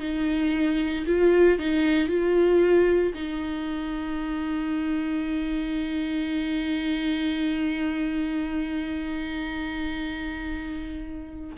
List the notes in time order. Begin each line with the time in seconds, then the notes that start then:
0.00 D#4
1.07 F4
1.59 D#4
2.08 F4
3.14 D#4